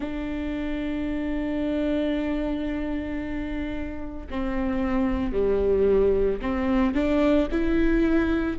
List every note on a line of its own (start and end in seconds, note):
0.00 4.27 D4
4.30 5.32 C4
5.32 6.39 G3
6.41 6.94 C4
6.94 7.48 D4
7.51 8.58 E4